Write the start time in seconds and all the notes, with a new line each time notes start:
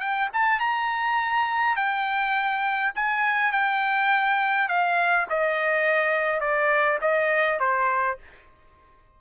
0.00 G5
0.33 A5
0.60 A#5
1.76 G5
2.95 G#5
3.52 G5
4.68 F5
5.30 D#5
6.41 D5
7.01 D#5
7.60 C5